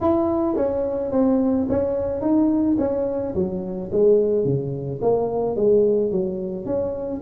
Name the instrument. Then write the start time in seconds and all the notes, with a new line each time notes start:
tuba
0.00 E4
0.56 C#4
1.11 C4
1.69 C#4
2.21 D#4
2.78 C#4
3.34 F#3
3.92 G#3
4.44 C#3
5.01 A#3
5.56 G#3
6.11 F#3
6.65 C#4